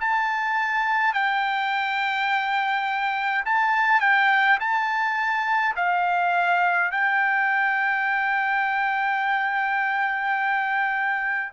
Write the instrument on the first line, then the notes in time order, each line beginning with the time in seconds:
trumpet
0.00 A5
1.14 G5
3.45 A5
4.01 G5
4.60 A5
5.76 F5
6.91 G5